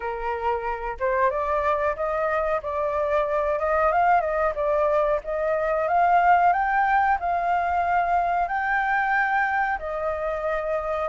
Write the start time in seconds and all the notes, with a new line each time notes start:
0.00 A#4
0.99 C5
1.30 D5
1.96 D#5
2.62 D5
3.59 D#5
3.92 F5
4.20 D#5
4.55 D5
5.24 D#5
5.88 F5
6.52 G5
7.20 F5
8.48 G5
9.79 D#5